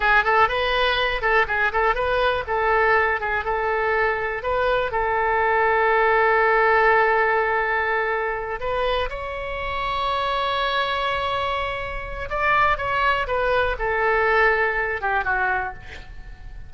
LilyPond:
\new Staff \with { instrumentName = "oboe" } { \time 4/4 \tempo 4 = 122 gis'8 a'8 b'4. a'8 gis'8 a'8 | b'4 a'4. gis'8 a'4~ | a'4 b'4 a'2~ | a'1~ |
a'4. b'4 cis''4.~ | cis''1~ | cis''4 d''4 cis''4 b'4 | a'2~ a'8 g'8 fis'4 | }